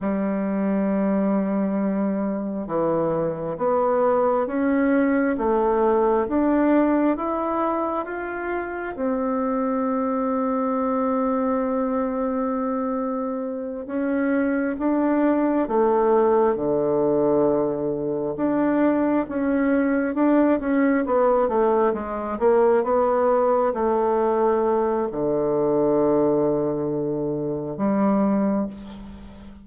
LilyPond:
\new Staff \with { instrumentName = "bassoon" } { \time 4/4 \tempo 4 = 67 g2. e4 | b4 cis'4 a4 d'4 | e'4 f'4 c'2~ | c'2.~ c'8 cis'8~ |
cis'8 d'4 a4 d4.~ | d8 d'4 cis'4 d'8 cis'8 b8 | a8 gis8 ais8 b4 a4. | d2. g4 | }